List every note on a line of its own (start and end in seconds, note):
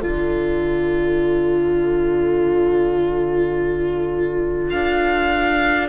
0.00 4.73 D3
0.00 5.88 F4
0.00 5.88 A4
0.00 4.70 D5
4.70 5.88 D4
4.70 5.87 F5